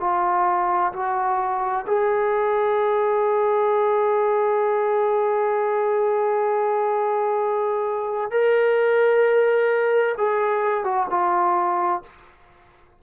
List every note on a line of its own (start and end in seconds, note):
0.00 0.92 F4
0.93 1.85 F#4
1.87 8.30 G#4
8.30 10.15 A#4
10.17 10.84 G#4
10.84 11.07 F#4
11.10 12.02 F4